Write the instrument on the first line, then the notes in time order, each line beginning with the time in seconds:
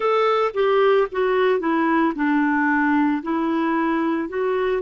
clarinet
0.00 A4
0.54 G4
1.11 F#4
1.59 E4
2.15 D4
3.22 E4
4.29 F#4